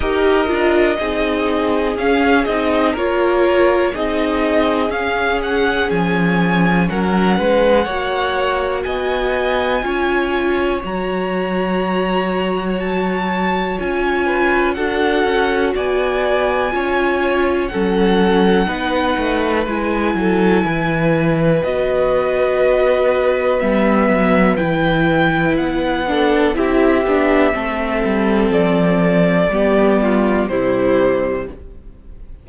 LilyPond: <<
  \new Staff \with { instrumentName = "violin" } { \time 4/4 \tempo 4 = 61 dis''2 f''8 dis''8 cis''4 | dis''4 f''8 fis''8 gis''4 fis''4~ | fis''4 gis''2 ais''4~ | ais''4 a''4 gis''4 fis''4 |
gis''2 fis''2 | gis''2 dis''2 | e''4 g''4 fis''4 e''4~ | e''4 d''2 c''4 | }
  \new Staff \with { instrumentName = "violin" } { \time 4/4 ais'4 gis'2 ais'4 | gis'2. ais'8 b'8 | cis''4 dis''4 cis''2~ | cis''2~ cis''8 b'8 a'4 |
d''4 cis''4 a'4 b'4~ | b'8 a'8 b'2.~ | b'2~ b'8 a'8 g'4 | a'2 g'8 f'8 e'4 | }
  \new Staff \with { instrumentName = "viola" } { \time 4/4 g'8 f'8 dis'4 cis'8 dis'8 f'4 | dis'4 cis'2. | fis'2 f'4 fis'4~ | fis'2 f'4 fis'4~ |
fis'4 f'4 cis'4 dis'4 | e'2 fis'2 | b4 e'4. d'8 e'8 d'8 | c'2 b4 g4 | }
  \new Staff \with { instrumentName = "cello" } { \time 4/4 dis'8 d'8 c'4 cis'8 c'8 ais4 | c'4 cis'4 f4 fis8 gis8 | ais4 b4 cis'4 fis4~ | fis2 cis'4 d'8 cis'8 |
b4 cis'4 fis4 b8 a8 | gis8 fis8 e4 b2 | g8 fis8 e4 b4 c'8 b8 | a8 g8 f4 g4 c4 | }
>>